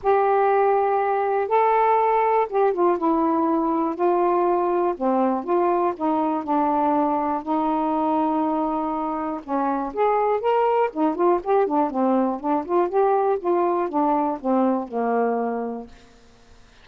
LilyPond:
\new Staff \with { instrumentName = "saxophone" } { \time 4/4 \tempo 4 = 121 g'2. a'4~ | a'4 g'8 f'8 e'2 | f'2 c'4 f'4 | dis'4 d'2 dis'4~ |
dis'2. cis'4 | gis'4 ais'4 dis'8 f'8 g'8 d'8 | c'4 d'8 f'8 g'4 f'4 | d'4 c'4 ais2 | }